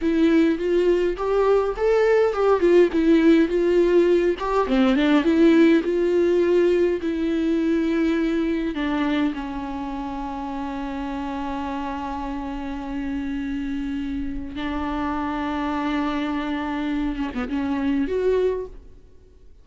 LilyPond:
\new Staff \with { instrumentName = "viola" } { \time 4/4 \tempo 4 = 103 e'4 f'4 g'4 a'4 | g'8 f'8 e'4 f'4. g'8 | c'8 d'8 e'4 f'2 | e'2. d'4 |
cis'1~ | cis'1~ | cis'4 d'2.~ | d'4. cis'16 b16 cis'4 fis'4 | }